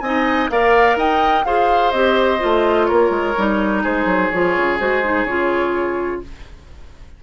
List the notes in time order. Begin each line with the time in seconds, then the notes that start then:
0.00 C4 D#4 D#5 G#5
0.49 A#3 A#4 D5 F5
0.96 D#4 D#5 G5
1.45 F4 G#4 C5 F5
1.91 C4 G4 D#5
2.39 A3 F4
2.86 A#3 A#4 C#5
3.10 G#3
3.37 G3 D#4
3.82 G#3 G#4 C5
4.05 F#3
4.31 F3 F4 C#5
4.56 C#3
4.79 G#3 F#4 C5
5.03 D#4
5.24 C#3 F4 C#5